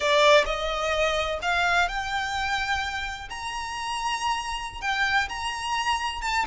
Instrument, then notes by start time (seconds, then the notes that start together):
violin
0.00 D5
0.45 D#5
1.42 F5
1.88 G5
3.29 A#5
4.81 G5
5.28 A#5
6.21 A5